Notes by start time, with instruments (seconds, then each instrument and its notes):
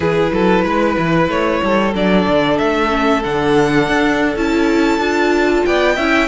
0.00 cello E3, viola E4, violin G#4 B4
0.32 cello F#3, violin A4
0.64 cello G#3, violin B4
0.98 cello E3
1.28 cello A3, violin C#5
1.63 cello G3, violin A4
1.94 cello F#3, viola D4, violin D5
2.27 cello D3
2.58 cello A3, violin E5
2.89 viola C#4
3.23 cello D3, viola D4, violin F#5
3.88 cello D4
4.36 cello C#4, viola E4, violin A5
4.98 cello D4, viola F4
5.65 cello B3, violin D5 G5
5.96 cello C#4, viola E4, violin E5